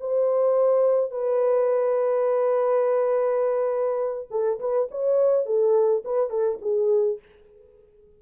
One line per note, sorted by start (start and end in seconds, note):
0.00 1.11 C5
1.11 4.28 B4
4.31 4.59 A4
4.60 4.89 B4
4.91 5.46 C#5
5.46 6.03 A4
6.04 6.30 B4
6.30 6.58 A4
6.61 7.19 G#4